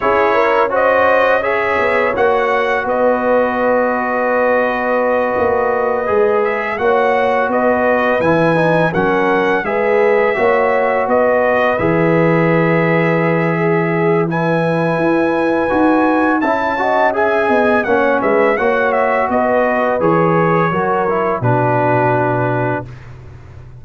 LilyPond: <<
  \new Staff \with { instrumentName = "trumpet" } { \time 4/4 \tempo 4 = 84 cis''4 dis''4 e''4 fis''4 | dis''1~ | dis''4 e''8 fis''4 dis''4 gis''8~ | gis''8 fis''4 e''2 dis''8~ |
dis''8 e''2.~ e''8 | gis''2. a''4 | gis''4 fis''8 e''8 fis''8 e''8 dis''4 | cis''2 b'2 | }
  \new Staff \with { instrumentName = "horn" } { \time 4/4 gis'8 ais'8 c''4 cis''2 | b'1~ | b'4. cis''4 b'4.~ | b'8 ais'4 b'4 cis''4 b'8~ |
b'2. gis'4 | b'2. e''8 dis''8 | e''8 dis''8 cis''8 b'8 cis''4 b'4~ | b'4 ais'4 fis'2 | }
  \new Staff \with { instrumentName = "trombone" } { \time 4/4 e'4 fis'4 gis'4 fis'4~ | fis'1~ | fis'8 gis'4 fis'2 e'8 | dis'8 cis'4 gis'4 fis'4.~ |
fis'8 gis'2.~ gis'8 | e'2 fis'4 e'8 fis'8 | gis'4 cis'4 fis'2 | gis'4 fis'8 e'8 d'2 | }
  \new Staff \with { instrumentName = "tuba" } { \time 4/4 cis'2~ cis'8 b8 ais4 | b2.~ b8 ais8~ | ais8 gis4 ais4 b4 e8~ | e8 fis4 gis4 ais4 b8~ |
b8 e2.~ e8~ | e4 e'4 dis'4 cis'4~ | cis'8 b8 ais8 gis8 ais4 b4 | e4 fis4 b,2 | }
>>